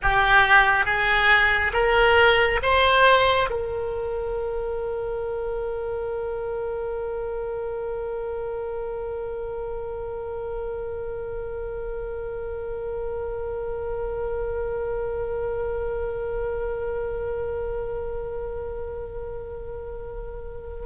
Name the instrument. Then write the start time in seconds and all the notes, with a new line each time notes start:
oboe
0.02 G4
0.85 G#4
1.73 A#4
2.62 C5
3.49 A#4